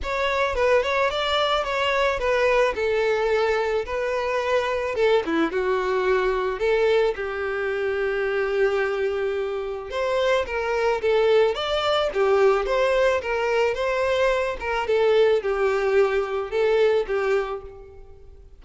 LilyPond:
\new Staff \with { instrumentName = "violin" } { \time 4/4 \tempo 4 = 109 cis''4 b'8 cis''8 d''4 cis''4 | b'4 a'2 b'4~ | b'4 a'8 e'8 fis'2 | a'4 g'2.~ |
g'2 c''4 ais'4 | a'4 d''4 g'4 c''4 | ais'4 c''4. ais'8 a'4 | g'2 a'4 g'4 | }